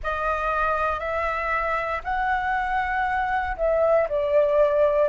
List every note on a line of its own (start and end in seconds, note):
0.03 0.99 D#5
0.99 2.01 E5
2.03 3.56 F#5
3.56 4.07 E5
4.08 5.08 D5